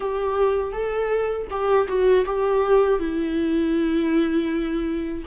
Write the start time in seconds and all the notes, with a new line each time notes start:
0.00 G4
0.72 A4
1.50 G4
1.88 F#4
2.25 G4
2.99 E4